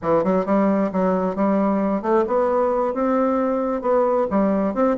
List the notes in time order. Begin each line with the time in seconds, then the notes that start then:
0.01 E3
0.24 F#3
0.45 G3
0.92 F#3
1.35 G3
2.02 A3
2.27 B3
2.93 C4
3.81 B3
4.30 G3
4.74 C4